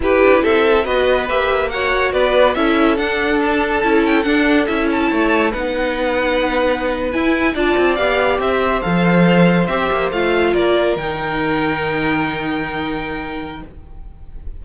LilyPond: <<
  \new Staff \with { instrumentName = "violin" } { \time 4/4 \tempo 4 = 141 b'4 e''4 dis''4 e''4 | fis''4 d''4 e''4 fis''4 | a''4. g''8 fis''4 e''8 a''8~ | a''4 fis''2.~ |
fis''8. gis''4 a''4 f''4 e''16~ | e''8. f''2 e''4 f''16~ | f''8. d''4 g''2~ g''16~ | g''1 | }
  \new Staff \with { instrumentName = "violin" } { \time 4/4 g'4 a'4 b'2 | cis''4 b'4 a'2~ | a'1 | cis''4 b'2.~ |
b'4.~ b'16 d''2 c''16~ | c''1~ | c''8. ais'2.~ ais'16~ | ais'1 | }
  \new Staff \with { instrumentName = "viola" } { \time 4/4 e'2 fis'4 g'4 | fis'2 e'4 d'4~ | d'4 e'4 d'4 e'4~ | e'4 dis'2.~ |
dis'8. e'4 f'4 g'4~ g'16~ | g'8. a'2 g'4 f'16~ | f'4.~ f'16 dis'2~ dis'16~ | dis'1 | }
  \new Staff \with { instrumentName = "cello" } { \time 4/4 e'8 d'8 c'4 b4 ais4~ | ais4 b4 cis'4 d'4~ | d'4 cis'4 d'4 cis'4 | a4 b2.~ |
b8. e'4 d'8 c'8 b4 c'16~ | c'8. f2 c'8 ais8 a16~ | a8. ais4 dis2~ dis16~ | dis1 | }
>>